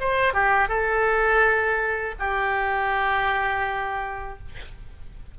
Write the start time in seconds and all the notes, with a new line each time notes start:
0.00 C5
0.34 G4
0.69 A4
2.20 G4